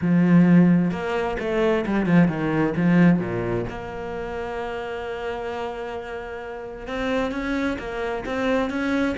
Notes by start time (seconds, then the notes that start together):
0.01 F3
0.91 A#3
1.39 A3
1.85 G3
2.05 F3
2.28 D#3
2.76 F3
3.19 A#2
3.69 A#3
6.87 C4
7.31 C#4
7.78 A#3
8.25 C4
8.69 C#4